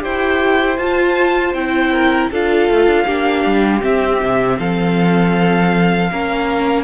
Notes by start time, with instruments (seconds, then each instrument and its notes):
0.00 cello E4, viola G4, violin C5 G5
0.77 cello F4, viola F4, violin A5
1.53 cello C4, viola E4, violin G5
1.92 violin A#4
2.31 cello D4, viola F4, violin A4 F5
2.70 cello A3
2.86 cello D4
3.06 cello A#3, viola D4, violin G4
3.45 cello G3
3.81 viola C4, cello C4, violin E5
4.22 cello C3
4.58 cello F3, violin A4 F5
6.11 cello A#3, viola C#4, violin A#4